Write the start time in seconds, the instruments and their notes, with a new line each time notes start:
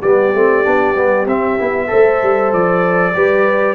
0.00 tuba G3, trombone B3, horn G4, trumpet D5
0.34 tuba A3, trombone C4
0.64 tuba B3, trombone D4
0.95 tuba G3, trombone B3
1.26 tuba C4, trombone C4, trumpet E5
1.59 tuba B3, trombone E4
1.87 tuba A3, trombone A4, horn C5
2.22 tuba G3
2.52 tuba F3, trumpet D5
3.14 tuba G3, trombone G4, horn B4